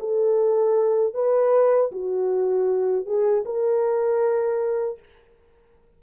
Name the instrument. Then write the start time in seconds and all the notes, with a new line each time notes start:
horn
0.00 A4
1.15 B4
1.92 F#4
3.06 G#4
3.46 A#4